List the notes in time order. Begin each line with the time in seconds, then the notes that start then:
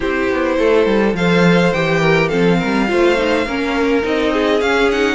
0.00 C4 E4 G4 C5
0.30 B3
0.58 A3 A4
0.86 G3
1.13 F3 A4 C5 F5
1.73 E3 G4 G5
2.00 A#4
2.28 F3 C4 A4 F5
2.58 G3 A#4
2.87 A3 F4 C5
3.17 D#4
3.46 A#3 C#4 A#4
4.02 C4 D#4 D#5
4.32 G#4
4.61 C#4 F5
4.91 D#4 F#5